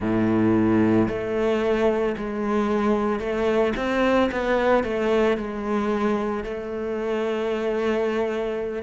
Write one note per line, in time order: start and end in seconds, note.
0.00 1.08 A2
1.08 2.15 A3
2.17 3.19 G#3
3.19 3.73 A3
3.76 4.30 C4
4.31 4.83 B3
4.83 5.37 A3
5.37 6.44 G#3
6.44 8.82 A3